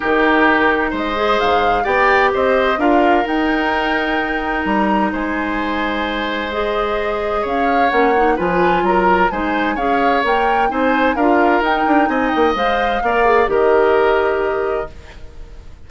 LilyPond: <<
  \new Staff \with { instrumentName = "flute" } { \time 4/4 \tempo 4 = 129 ais'2 dis''4 f''4 | g''4 dis''4 f''4 g''4~ | g''2 ais''4 gis''4~ | gis''2 dis''2 |
f''4 fis''4 gis''4 ais''4 | gis''4 f''4 g''4 gis''4 | f''4 g''4 gis''8 g''8 f''4~ | f''4 dis''2. | }
  \new Staff \with { instrumentName = "oboe" } { \time 4/4 g'2 c''2 | d''4 c''4 ais'2~ | ais'2. c''4~ | c''1 |
cis''2 b'4 ais'4 | c''4 cis''2 c''4 | ais'2 dis''2 | d''4 ais'2. | }
  \new Staff \with { instrumentName = "clarinet" } { \time 4/4 dis'2~ dis'8 gis'4. | g'2 f'4 dis'4~ | dis'1~ | dis'2 gis'2~ |
gis'4 cis'8 dis'8 f'2 | dis'4 gis'4 ais'4 dis'4 | f'4 dis'2 c''4 | ais'8 gis'8 g'2. | }
  \new Staff \with { instrumentName = "bassoon" } { \time 4/4 dis2 gis4 gis,4 | b4 c'4 d'4 dis'4~ | dis'2 g4 gis4~ | gis1 |
cis'4 ais4 f4 fis4 | gis4 cis'4 ais4 c'4 | d'4 dis'8 d'8 c'8 ais8 gis4 | ais4 dis2. | }
>>